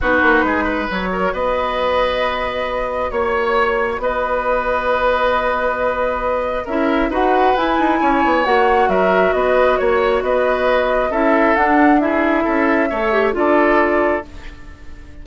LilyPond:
<<
  \new Staff \with { instrumentName = "flute" } { \time 4/4 \tempo 4 = 135 b'2 cis''4 dis''4~ | dis''2. cis''4~ | cis''4 dis''2.~ | dis''2. e''4 |
fis''4 gis''2 fis''4 | e''4 dis''4 cis''4 dis''4~ | dis''4 e''4 fis''4 e''4~ | e''2 d''2 | }
  \new Staff \with { instrumentName = "oboe" } { \time 4/4 fis'4 gis'8 b'4 ais'8 b'4~ | b'2. cis''4~ | cis''4 b'2.~ | b'2. ais'4 |
b'2 cis''2 | ais'4 b'4 cis''4 b'4~ | b'4 a'2 gis'4 | a'4 cis''4 a'2 | }
  \new Staff \with { instrumentName = "clarinet" } { \time 4/4 dis'2 fis'2~ | fis'1~ | fis'1~ | fis'2. e'4 |
fis'4 e'2 fis'4~ | fis'1~ | fis'4 e'4 d'4 e'4~ | e'4 a'8 g'8 f'2 | }
  \new Staff \with { instrumentName = "bassoon" } { \time 4/4 b8 ais8 gis4 fis4 b4~ | b2. ais4~ | ais4 b2.~ | b2. cis'4 |
dis'4 e'8 dis'8 cis'8 b8 ais4 | fis4 b4 ais4 b4~ | b4 cis'4 d'2 | cis'4 a4 d'2 | }
>>